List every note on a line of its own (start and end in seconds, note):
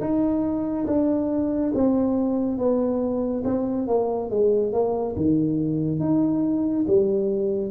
0.00 0.86 D#4
0.86 1.72 D4
1.74 2.58 C4
2.58 3.44 B3
3.44 3.87 C4
3.87 4.30 A#3
4.30 4.72 G#3
4.72 5.15 A#3
5.16 6.00 D#3
6.00 6.85 D#4
6.87 7.71 G3